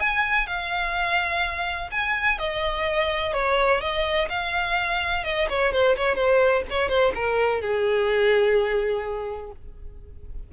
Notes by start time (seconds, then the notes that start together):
0.00 G#5
0.47 F5
1.91 G#5
2.38 D#5
3.33 C#5
3.81 D#5
4.29 F5
5.24 D#5
5.49 C#5
5.72 C5
5.96 C#5
6.15 C5
6.70 C#5
6.89 C5
7.15 A#4
7.61 G#4